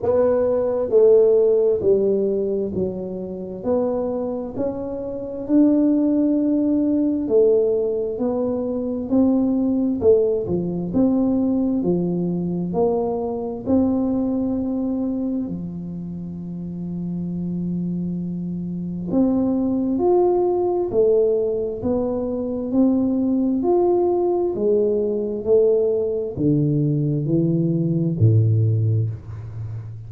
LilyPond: \new Staff \with { instrumentName = "tuba" } { \time 4/4 \tempo 4 = 66 b4 a4 g4 fis4 | b4 cis'4 d'2 | a4 b4 c'4 a8 f8 | c'4 f4 ais4 c'4~ |
c'4 f2.~ | f4 c'4 f'4 a4 | b4 c'4 f'4 gis4 | a4 d4 e4 a,4 | }